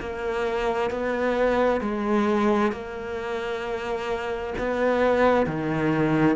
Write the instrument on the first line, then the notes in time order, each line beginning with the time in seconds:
cello
0.00 A#3
0.91 B3
1.81 G#3
2.72 A#3
4.58 B3
5.46 D#3